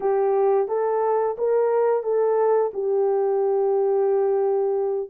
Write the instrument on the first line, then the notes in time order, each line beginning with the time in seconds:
horn
0.00 G4
0.68 A4
1.38 A#4
2.03 A4
2.73 G4